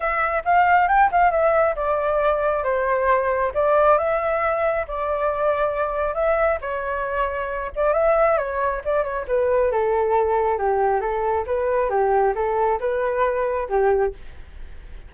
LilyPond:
\new Staff \with { instrumentName = "flute" } { \time 4/4 \tempo 4 = 136 e''4 f''4 g''8 f''8 e''4 | d''2 c''2 | d''4 e''2 d''4~ | d''2 e''4 cis''4~ |
cis''4. d''8 e''4 cis''4 | d''8 cis''8 b'4 a'2 | g'4 a'4 b'4 g'4 | a'4 b'2 g'4 | }